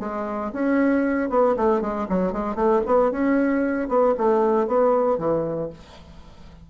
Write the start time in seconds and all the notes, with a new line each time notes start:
0.00 G#3
0.53 C#4
1.30 B3
1.57 A3
1.82 G#3
2.09 F#3
2.33 G#3
2.56 A3
2.86 B3
3.12 C#4
3.89 B3
4.18 A3
4.68 B3
5.18 E3